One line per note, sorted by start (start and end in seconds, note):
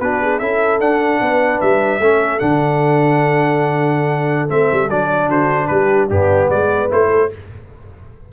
0.00 0.40 B3
0.00 0.41 D4
0.00 0.22 F#4
0.00 0.39 B4
0.22 0.41 G#4
0.39 0.81 C#4
0.39 0.81 E4
0.39 1.21 A4
0.39 0.79 E5
0.81 1.21 D4
0.81 2.01 D4
0.81 1.61 F#5
1.21 1.61 B3
1.21 2.02 B4
1.61 2.00 G3
1.61 2.39 E5
2.00 2.40 A3
2.00 2.39 C#4
2.00 5.28 A4
2.39 4.50 D3
2.39 4.49 D4
2.39 4.49 F#5
4.49 4.70 A3
4.49 4.89 C4
4.49 4.90 E5
4.72 4.90 G3
4.90 5.28 F#3
4.90 6.11 D4
4.90 5.30 D5
5.28 5.68 D3
5.28 5.68 F#4
5.28 5.67 C5
5.67 6.10 G3
5.67 6.09 G4
5.67 6.07 B4
6.09 6.50 G2
6.09 6.89 B3
6.09 6.49 D4
6.09 6.50 G4
6.49 6.90 G#3
6.49 7.09 B4
6.49 6.90 D5
6.89 7.32 A3
6.89 7.29 E4
6.89 7.33 C5
7.11 7.31 A4